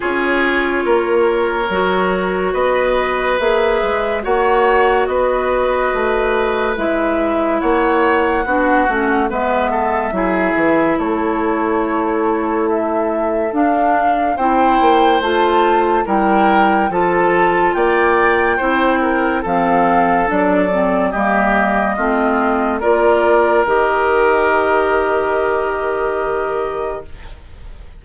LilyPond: <<
  \new Staff \with { instrumentName = "flute" } { \time 4/4 \tempo 4 = 71 cis''2. dis''4 | e''4 fis''4 dis''2 | e''4 fis''2 e''4~ | e''4 cis''2 e''4 |
f''4 g''4 a''4 g''4 | a''4 g''2 f''4 | d''4 dis''2 d''4 | dis''1 | }
  \new Staff \with { instrumentName = "oboe" } { \time 4/4 gis'4 ais'2 b'4~ | b'4 cis''4 b'2~ | b'4 cis''4 fis'4 b'8 a'8 | gis'4 a'2.~ |
a'4 c''2 ais'4 | a'4 d''4 c''8 ais'8 a'4~ | a'4 g'4 f'4 ais'4~ | ais'1 | }
  \new Staff \with { instrumentName = "clarinet" } { \time 4/4 f'2 fis'2 | gis'4 fis'2. | e'2 d'8 cis'8 b4 | e'1 |
d'4 e'4 f'4 e'4 | f'2 e'4 c'4 | d'8 c'8 ais4 c'4 f'4 | g'1 | }
  \new Staff \with { instrumentName = "bassoon" } { \time 4/4 cis'4 ais4 fis4 b4 | ais8 gis8 ais4 b4 a4 | gis4 ais4 b8 a8 gis4 | fis8 e8 a2. |
d'4 c'8 ais8 a4 g4 | f4 ais4 c'4 f4 | fis4 g4 a4 ais4 | dis1 | }
>>